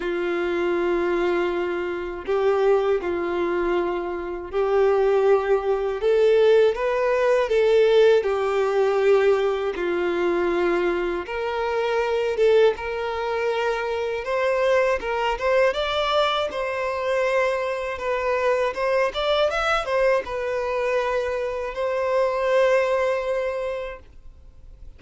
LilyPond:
\new Staff \with { instrumentName = "violin" } { \time 4/4 \tempo 4 = 80 f'2. g'4 | f'2 g'2 | a'4 b'4 a'4 g'4~ | g'4 f'2 ais'4~ |
ais'8 a'8 ais'2 c''4 | ais'8 c''8 d''4 c''2 | b'4 c''8 d''8 e''8 c''8 b'4~ | b'4 c''2. | }